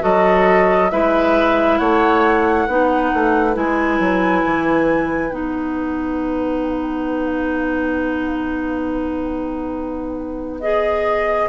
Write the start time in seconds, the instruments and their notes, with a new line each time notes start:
0.00 bassoon F#3, clarinet F#4, oboe A4, flute D#5
0.90 bassoon G#3, clarinet E4, oboe B4, flute E5
1.78 bassoon A3, oboe C#5, flute F#5
2.67 bassoon B3, clarinet D#4, oboe B4
3.13 bassoon A3
3.53 bassoon G#3, clarinet E4, flute G#5
3.99 bassoon F#3
4.45 bassoon E3
5.31 bassoon B3, clarinet D#4, flute F#5
10.60 clarinet G#4, flute D#5